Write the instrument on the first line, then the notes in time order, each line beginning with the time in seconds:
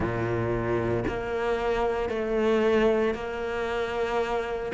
cello
0.00 A#2
1.07 A#3
2.09 A3
3.14 A#3